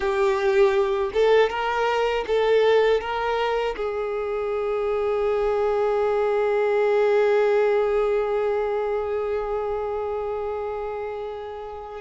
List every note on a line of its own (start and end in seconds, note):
0.00 1.11 G4
1.13 1.49 A4
1.49 2.24 A#4
2.27 3.00 A4
3.00 3.75 A#4
3.76 12.01 G#4